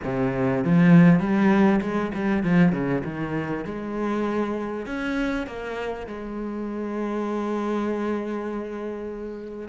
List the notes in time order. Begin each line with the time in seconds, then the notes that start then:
0.03 C3
0.64 F3
1.19 G3
1.81 G#3
2.14 G3
2.43 F3
2.72 C#3
3.04 D#3
3.64 G#3
4.86 C#4
5.46 A#3
6.06 G#3